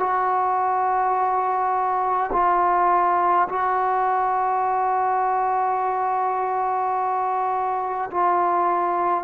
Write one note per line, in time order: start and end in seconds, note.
0.00 2.31 F#4
2.33 3.48 F4
3.49 8.10 F#4
8.11 9.24 F4